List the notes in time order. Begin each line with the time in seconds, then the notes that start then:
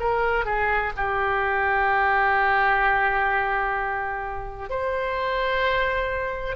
0.00 A#4
0.46 G#4
0.97 G4
4.70 C5